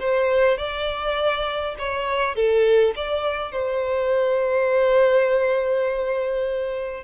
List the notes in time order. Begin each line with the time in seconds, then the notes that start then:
0.00 C5
0.58 D5
1.79 C#5
2.36 A4
2.96 D5
3.52 C5